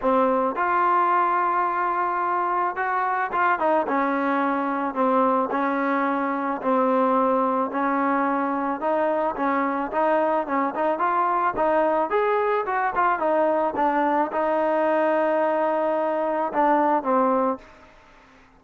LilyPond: \new Staff \with { instrumentName = "trombone" } { \time 4/4 \tempo 4 = 109 c'4 f'2.~ | f'4 fis'4 f'8 dis'8 cis'4~ | cis'4 c'4 cis'2 | c'2 cis'2 |
dis'4 cis'4 dis'4 cis'8 dis'8 | f'4 dis'4 gis'4 fis'8 f'8 | dis'4 d'4 dis'2~ | dis'2 d'4 c'4 | }